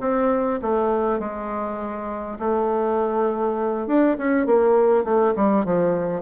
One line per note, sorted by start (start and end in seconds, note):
0.00 0.59 C4
0.62 1.19 A3
1.19 2.38 G#3
2.39 3.86 A3
3.86 4.16 D4
4.17 4.46 C#4
4.46 5.04 A#3
5.04 5.34 A3
5.35 5.65 G3
5.65 6.22 F3